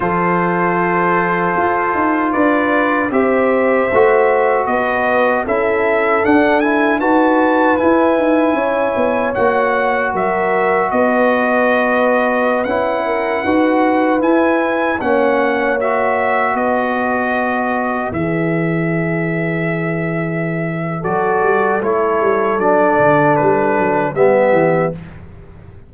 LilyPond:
<<
  \new Staff \with { instrumentName = "trumpet" } { \time 4/4 \tempo 4 = 77 c''2. d''4 | e''2 dis''4 e''4 | fis''8 gis''8 a''4 gis''2 | fis''4 e''4 dis''2~ |
dis''16 fis''2 gis''4 fis''8.~ | fis''16 e''4 dis''2 e''8.~ | e''2. d''4 | cis''4 d''4 b'4 e''4 | }
  \new Staff \with { instrumentName = "horn" } { \time 4/4 a'2. b'4 | c''2 b'4 a'4~ | a'4 b'2 cis''4~ | cis''4 ais'4 b'2~ |
b'8. ais'8 b'2 cis''8.~ | cis''4~ cis''16 b'2~ b'8.~ | b'2. a'4~ | a'2. g'4 | }
  \new Staff \with { instrumentName = "trombone" } { \time 4/4 f'1 | g'4 fis'2 e'4 | d'8 e'8 fis'4 e'2 | fis'1~ |
fis'16 e'4 fis'4 e'4 cis'8.~ | cis'16 fis'2. gis'8.~ | gis'2. fis'4 | e'4 d'2 b4 | }
  \new Staff \with { instrumentName = "tuba" } { \time 4/4 f2 f'8 dis'8 d'4 | c'4 a4 b4 cis'4 | d'4 dis'4 e'8 dis'8 cis'8 b8 | ais4 fis4 b2~ |
b16 cis'4 dis'4 e'4 ais8.~ | ais4~ ais16 b2 e8.~ | e2. fis8 g8 | a8 g8 fis8 d8 g8 fis8 g8 e8 | }
>>